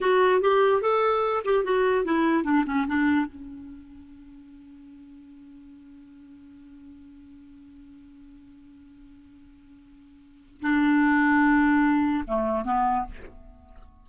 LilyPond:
\new Staff \with { instrumentName = "clarinet" } { \time 4/4 \tempo 4 = 147 fis'4 g'4 a'4. g'8 | fis'4 e'4 d'8 cis'8 d'4 | cis'1~ | cis'1~ |
cis'1~ | cis'1~ | cis'2 d'2~ | d'2 a4 b4 | }